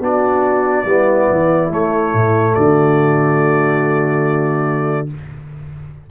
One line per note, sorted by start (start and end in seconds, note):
0.00 0.85 B3
0.00 0.86 D4
0.00 0.85 F#4
0.00 1.73 D5
0.85 1.28 G3
0.85 1.70 B3
0.85 2.54 E4
1.30 1.72 E3
1.70 5.08 A3
1.70 2.14 A3
1.70 2.55 C#5
2.14 2.56 A2
2.55 5.11 D3
2.55 5.10 F#4
2.55 5.08 D5